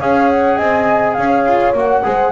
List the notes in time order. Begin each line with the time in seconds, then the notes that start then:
0.00 C#4 G#4 C#5 F5
0.30 F#5
0.56 C4 D#5 G#5
1.14 C#4 C#5 F5
1.46 F4
1.73 A#3 F#4 F#5
2.03 G#3 G#4 C5